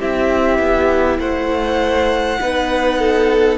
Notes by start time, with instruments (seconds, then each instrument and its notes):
0.00 cello C4, viola E4, violin G4 E5
0.59 cello B3
1.19 cello A3, violin C5 F#5
2.41 cello B3, viola D#4, violin B4
2.99 violin A4